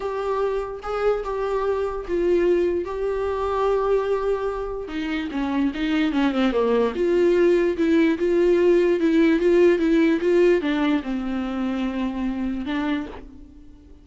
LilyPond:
\new Staff \with { instrumentName = "viola" } { \time 4/4 \tempo 4 = 147 g'2 gis'4 g'4~ | g'4 f'2 g'4~ | g'1 | dis'4 cis'4 dis'4 cis'8 c'8 |
ais4 f'2 e'4 | f'2 e'4 f'4 | e'4 f'4 d'4 c'4~ | c'2. d'4 | }